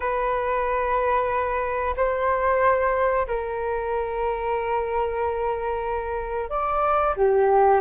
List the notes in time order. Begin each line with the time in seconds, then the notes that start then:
0.00 B4
1.96 C5
3.27 A#4
6.49 D5
7.16 G4